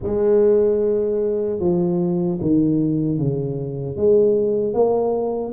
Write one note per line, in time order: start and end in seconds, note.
0.03 1.59 G#3
1.59 2.38 F3
2.41 3.18 D#3
3.18 3.96 C#3
3.96 4.73 G#3
4.73 5.52 A#3